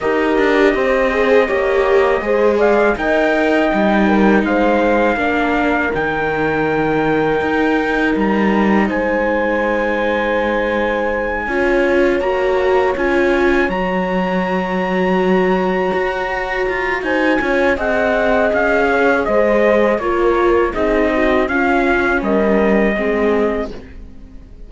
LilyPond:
<<
  \new Staff \with { instrumentName = "trumpet" } { \time 4/4 \tempo 4 = 81 dis''2.~ dis''8 f''8 | g''2 f''2 | g''2. ais''4 | gis''1~ |
gis''8 ais''4 gis''4 ais''4.~ | ais''2. gis''4 | fis''4 f''4 dis''4 cis''4 | dis''4 f''4 dis''2 | }
  \new Staff \with { instrumentName = "horn" } { \time 4/4 ais'4 c''4 cis''4 c''8 d''8 | dis''4. ais'8 c''4 ais'4~ | ais'1 | c''2.~ c''8 cis''8~ |
cis''1~ | cis''2. c''8 cis''8 | dis''4. cis''8 c''4 ais'4 | gis'8 fis'8 f'4 ais'4 gis'4 | }
  \new Staff \with { instrumentName = "viola" } { \time 4/4 g'4. gis'8 g'4 gis'4 | ais'4 dis'2 d'4 | dis'1~ | dis'2.~ dis'8 f'8~ |
f'8 fis'4 f'4 fis'4.~ | fis'2.~ fis'8 f'8 | gis'2. f'4 | dis'4 cis'2 c'4 | }
  \new Staff \with { instrumentName = "cello" } { \time 4/4 dis'8 d'8 c'4 ais4 gis4 | dis'4 g4 gis4 ais4 | dis2 dis'4 g4 | gis2.~ gis8 cis'8~ |
cis'8 ais4 cis'4 fis4.~ | fis4. fis'4 f'8 dis'8 cis'8 | c'4 cis'4 gis4 ais4 | c'4 cis'4 g4 gis4 | }
>>